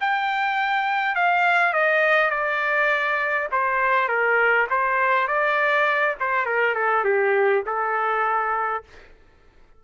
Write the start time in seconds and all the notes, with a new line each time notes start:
0.00 G5
1.15 F5
1.73 D#5
2.30 D5
3.51 C5
4.08 A#4
4.70 C5
5.27 D5
6.20 C5
6.45 A#4
6.75 A4
7.04 G4
7.66 A4